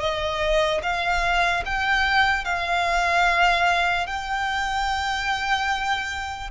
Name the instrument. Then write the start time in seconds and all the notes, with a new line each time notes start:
violin
0.00 D#5
0.83 F5
1.65 G5
2.45 F5
4.07 G5